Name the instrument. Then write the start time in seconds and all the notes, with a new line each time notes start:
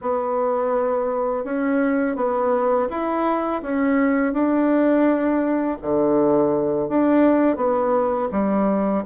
bassoon
0.01 B3
1.44 C#4
2.16 B3
2.89 E4
3.62 C#4
4.33 D4
5.82 D3
6.88 D4
7.56 B3
8.31 G3